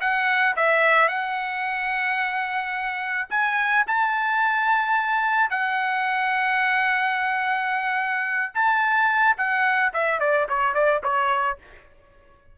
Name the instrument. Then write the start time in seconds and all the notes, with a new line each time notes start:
trumpet
0.00 F#5
0.56 E5
1.08 F#5
3.30 G#5
3.87 A5
5.50 F#5
8.54 A5
9.37 F#5
9.93 E5
10.19 D5
10.48 C#5
10.74 D5
11.03 C#5